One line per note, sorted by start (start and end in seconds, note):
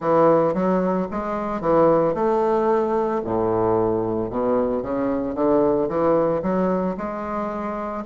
0.00 0.54 E3
0.54 1.07 F#3
1.10 1.61 G#3
1.61 2.14 E3
2.14 3.21 A3
3.24 4.30 A2
4.30 4.82 B2
4.82 5.34 C#3
5.34 5.88 D3
5.88 6.42 E3
6.42 6.96 F#3
6.97 8.04 G#3